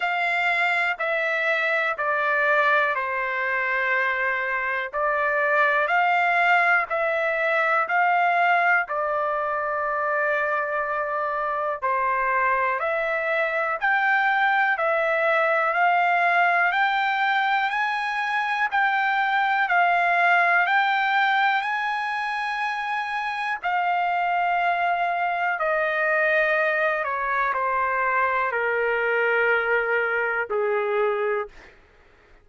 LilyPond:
\new Staff \with { instrumentName = "trumpet" } { \time 4/4 \tempo 4 = 61 f''4 e''4 d''4 c''4~ | c''4 d''4 f''4 e''4 | f''4 d''2. | c''4 e''4 g''4 e''4 |
f''4 g''4 gis''4 g''4 | f''4 g''4 gis''2 | f''2 dis''4. cis''8 | c''4 ais'2 gis'4 | }